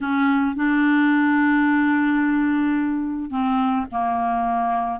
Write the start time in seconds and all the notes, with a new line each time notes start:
0.00 C#4
0.55 D4
3.30 C4
3.91 A#3